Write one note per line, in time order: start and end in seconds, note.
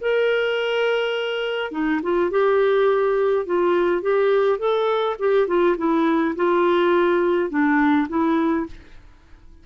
0.00 1.71 A#4
1.71 2.00 D#4
2.02 2.30 F4
2.30 3.45 G4
3.45 4.01 F4
4.01 4.58 G4
4.58 5.16 A4
5.18 5.47 G4
5.47 5.76 F4
5.77 6.35 E4
6.35 7.49 F4
7.49 8.07 D4
8.08 8.66 E4